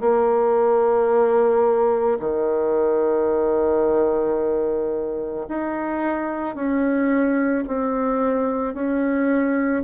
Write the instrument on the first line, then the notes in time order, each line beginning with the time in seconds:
bassoon
0.00 A#3
2.20 D#3
5.48 D#4
6.55 C#4
7.67 C4
8.74 C#4